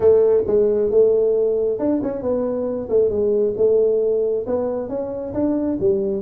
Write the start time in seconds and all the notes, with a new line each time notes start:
0.00 A3
0.46 G#3
0.91 A3
1.79 D4
2.03 C#4
2.21 B3
2.89 A3
3.09 G#3
3.56 A3
4.46 B3
4.88 C#4
5.33 D4
5.80 G3